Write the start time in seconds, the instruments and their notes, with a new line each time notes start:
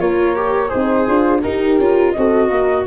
0.00 tuba A#3, viola F4, horn A#4, flute C#5
0.36 viola G4
0.68 horn D#4, viola G#4, flute C5
0.75 tuba C4
1.07 tuba D4, horn F4
1.42 tuba D#4, viola D#4, horn G4, flute A#4
1.79 tuba C#4, viola F4
2.12 tuba C4, viola F#4, horn A4, flute D#5
2.49 tuba A#3, horn A#4